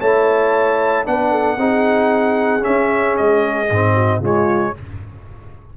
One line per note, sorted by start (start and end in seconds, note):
0.00 1.06 A3
0.00 1.05 E4
0.00 1.05 C#5
0.00 1.06 A5
1.05 1.57 B3
1.05 1.57 D4
1.05 1.31 B4
1.05 2.64 F#5
1.31 1.58 A4
1.57 2.62 C4
1.57 2.60 D#4
1.57 3.94 G#4
2.60 3.66 C#4
2.60 3.17 E5
2.66 3.19 C#4
3.17 3.71 G#3
3.17 4.22 D#5
3.71 4.19 G#2
3.71 4.22 C4
3.94 4.20 F#4
4.19 4.72 C#3
4.19 4.74 G#3
4.19 4.74 F4
4.19 4.77 C#5